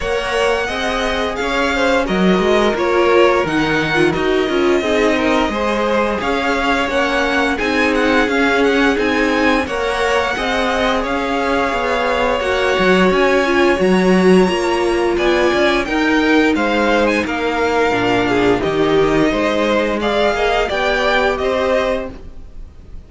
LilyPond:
<<
  \new Staff \with { instrumentName = "violin" } { \time 4/4 \tempo 4 = 87 fis''2 f''4 dis''4 | cis''4 fis''4 dis''2~ | dis''4 f''4 fis''4 gis''8 fis''8 | f''8 fis''8 gis''4 fis''2 |
f''2 fis''4 gis''4 | ais''2 gis''4 g''4 | f''8. gis''16 f''2 dis''4~ | dis''4 f''4 g''4 dis''4 | }
  \new Staff \with { instrumentName = "violin" } { \time 4/4 cis''4 dis''4 cis''8 c''8 ais'4~ | ais'2. gis'8 ais'8 | c''4 cis''2 gis'4~ | gis'2 cis''4 dis''4 |
cis''1~ | cis''2 d''4 ais'4 | c''4 ais'4. gis'8 g'4 | c''4 d''8 dis''8 d''4 c''4 | }
  \new Staff \with { instrumentName = "viola" } { \time 4/4 ais'4 gis'2 fis'4 | f'4 dis'8. f'16 fis'8 f'8 dis'4 | gis'2 cis'4 dis'4 | cis'4 dis'4 ais'4 gis'4~ |
gis'2 fis'4. f'8 | fis'4 f'2 dis'4~ | dis'2 d'4 dis'4~ | dis'4 gis'4 g'2 | }
  \new Staff \with { instrumentName = "cello" } { \time 4/4 ais4 c'4 cis'4 fis8 gis8 | ais4 dis4 dis'8 cis'8 c'4 | gis4 cis'4 ais4 c'4 | cis'4 c'4 ais4 c'4 |
cis'4 b4 ais8 fis8 cis'4 | fis4 ais4 b8 cis'8 dis'4 | gis4 ais4 ais,4 dis4 | gis4. ais8 b4 c'4 | }
>>